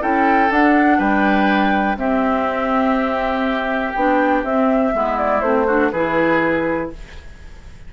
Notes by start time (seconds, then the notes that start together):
0.00 C#4 E4 A4 G5
0.48 D4 F#5
0.98 G3 B4 G5
1.96 C4 G4 E5
3.92 B3 D4 G5
4.43 C4 E5
4.92 G#3 B3 E4
5.18 D5
5.40 A3 C4 C5
5.66 D4 F#4
5.91 E3 E4 G#4 B4